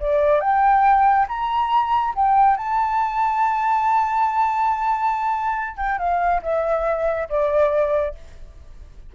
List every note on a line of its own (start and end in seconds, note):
0.00 0.41 D5
0.41 1.27 G5
1.29 2.14 A#5
2.16 2.57 G5
2.57 5.77 A5
5.77 5.99 G5
5.99 6.42 F5
6.43 7.29 E5
7.30 8.15 D5